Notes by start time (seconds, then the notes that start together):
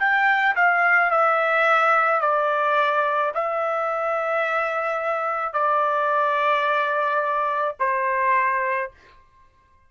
0.00 G5
0.56 F5
1.11 E5
2.21 D5
3.35 E5
5.54 D5
7.80 C5